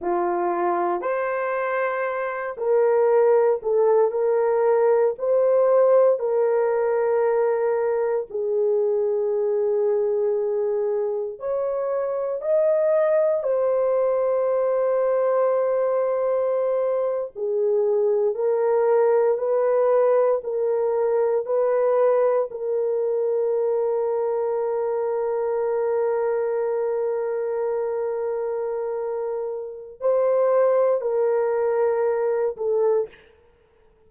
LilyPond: \new Staff \with { instrumentName = "horn" } { \time 4/4 \tempo 4 = 58 f'4 c''4. ais'4 a'8 | ais'4 c''4 ais'2 | gis'2. cis''4 | dis''4 c''2.~ |
c''8. gis'4 ais'4 b'4 ais'16~ | ais'8. b'4 ais'2~ ais'16~ | ais'1~ | ais'4 c''4 ais'4. a'8 | }